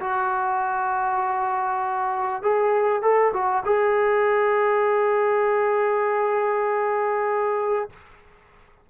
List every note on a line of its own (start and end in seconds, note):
0.00 2.42 F#4
2.42 3.02 G#4
3.02 3.32 A4
3.33 3.64 F#4
3.65 7.90 G#4